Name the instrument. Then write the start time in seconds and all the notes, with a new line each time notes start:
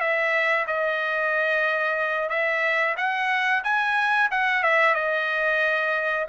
trumpet
0.00 E5
0.67 D#5
2.29 E5
2.97 F#5
3.64 G#5
4.31 F#5
4.63 E5
4.94 D#5